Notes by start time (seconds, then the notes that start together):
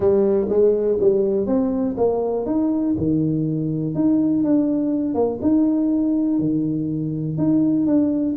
0.00 G3
0.49 G#3
1.00 G3
1.46 C4
1.97 A#3
2.46 D#4
2.97 D#3
3.94 D#4
4.43 D4
5.14 A#3
5.41 D#4
6.39 D#3
7.37 D#4
7.86 D4